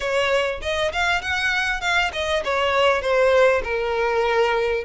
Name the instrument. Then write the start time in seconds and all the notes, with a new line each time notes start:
violin
0.00 C#5
0.61 D#5
0.92 F5
1.21 F#5
1.80 F5
2.12 D#5
2.44 C#5
3.01 C5
3.63 A#4